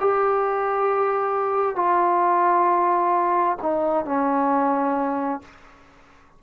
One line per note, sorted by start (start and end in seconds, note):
0.00 1.75 G4
1.75 3.57 F4
3.62 4.05 D#4
4.05 5.41 C#4